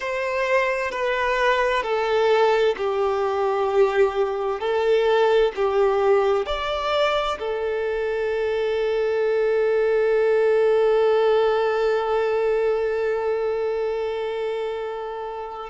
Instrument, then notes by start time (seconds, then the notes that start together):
violin
0.00 C5
0.91 B4
1.83 A4
2.77 G4
4.59 A4
5.56 G4
6.46 D5
7.39 A4